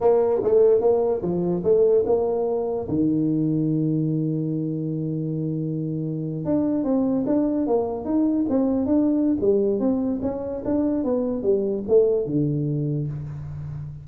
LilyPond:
\new Staff \with { instrumentName = "tuba" } { \time 4/4 \tempo 4 = 147 ais4 a4 ais4 f4 | a4 ais2 dis4~ | dis1~ | dis2.~ dis8. d'16~ |
d'8. c'4 d'4 ais4 dis'16~ | dis'8. c'4 d'4~ d'16 g4 | c'4 cis'4 d'4 b4 | g4 a4 d2 | }